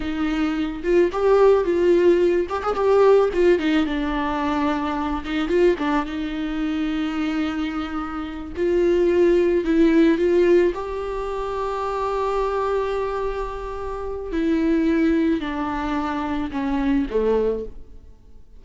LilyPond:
\new Staff \with { instrumentName = "viola" } { \time 4/4 \tempo 4 = 109 dis'4. f'8 g'4 f'4~ | f'8 g'16 gis'16 g'4 f'8 dis'8 d'4~ | d'4. dis'8 f'8 d'8 dis'4~ | dis'2.~ dis'8 f'8~ |
f'4. e'4 f'4 g'8~ | g'1~ | g'2 e'2 | d'2 cis'4 a4 | }